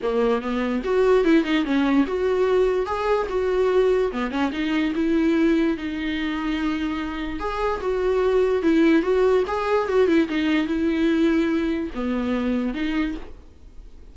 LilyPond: \new Staff \with { instrumentName = "viola" } { \time 4/4 \tempo 4 = 146 ais4 b4 fis'4 e'8 dis'8 | cis'4 fis'2 gis'4 | fis'2 b8 cis'8 dis'4 | e'2 dis'2~ |
dis'2 gis'4 fis'4~ | fis'4 e'4 fis'4 gis'4 | fis'8 e'8 dis'4 e'2~ | e'4 b2 dis'4 | }